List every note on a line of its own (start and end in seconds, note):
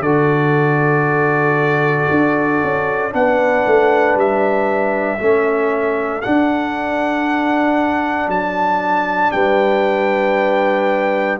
0.00 2.07 D3
0.00 3.11 F#4
0.00 3.13 A4
0.00 3.12 D5
2.11 2.62 D4
2.63 3.14 C#4
3.11 3.65 B3
3.11 5.18 D4
3.11 5.20 B4
3.11 4.18 F#5
3.66 4.15 A3
4.15 5.19 G3
4.15 6.22 E5
5.19 6.23 A3
5.19 6.22 C#4
5.19 9.34 A4
6.22 11.39 D4
6.22 8.28 D4
6.22 8.29 F#5
8.28 9.31 F#3
8.28 9.31 A5
9.31 11.39 G3
9.31 11.39 B4
9.31 11.38 G5